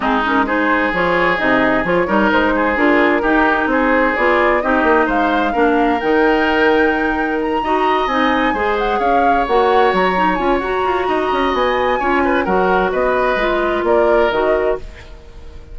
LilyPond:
<<
  \new Staff \with { instrumentName = "flute" } { \time 4/4 \tempo 4 = 130 gis'8 ais'8 c''4 cis''4 dis''4 | cis''4 c''4 ais'2 | c''4 d''4 dis''4 f''4~ | f''4 g''2. |
ais''4. gis''4. fis''8 f''8~ | f''8 fis''4 ais''4 gis''8 ais''4~ | ais''4 gis''2 fis''4 | dis''2 d''4 dis''4 | }
  \new Staff \with { instrumentName = "oboe" } { \time 4/4 dis'4 gis'2.~ | gis'8 ais'4 gis'4. g'4 | gis'2 g'4 c''4 | ais'1~ |
ais'8 dis''2 c''4 cis''8~ | cis''1 | dis''2 cis''8 b'8 ais'4 | b'2 ais'2 | }
  \new Staff \with { instrumentName = "clarinet" } { \time 4/4 c'8 cis'8 dis'4 f'4 dis'4 | f'8 dis'4. f'4 dis'4~ | dis'4 f'4 dis'2 | d'4 dis'2.~ |
dis'8 fis'4 dis'4 gis'4.~ | gis'8 fis'4. dis'8 f'8 fis'4~ | fis'2 f'4 fis'4~ | fis'4 f'2 fis'4 | }
  \new Staff \with { instrumentName = "bassoon" } { \time 4/4 gis2 f4 c4 | f8 g8 gis4 d'4 dis'4 | c'4 b4 c'8 ais8 gis4 | ais4 dis2.~ |
dis8 dis'4 c'4 gis4 cis'8~ | cis'8 ais4 fis4 cis'8 fis'8 f'8 | dis'8 cis'8 b4 cis'4 fis4 | b4 gis4 ais4 dis4 | }
>>